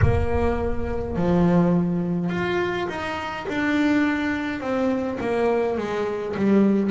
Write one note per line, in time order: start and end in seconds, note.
0.01 1.15 A#3
1.15 2.29 F3
2.29 2.87 F4
2.88 3.46 D#4
3.48 4.60 D4
4.60 5.18 C4
5.20 5.77 A#3
5.77 6.35 G#3
6.36 6.90 G3